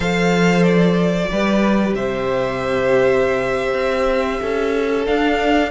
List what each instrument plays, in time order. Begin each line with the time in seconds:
0.00 cello F3, viola A4, violin C5 F5
0.63 violin D5
1.31 cello G3, viola G4, violin B4
1.94 cello C3, violin C5 E5
3.73 cello C4
4.40 cello C#4, violin A4
5.04 viola D4, cello D4, violin F5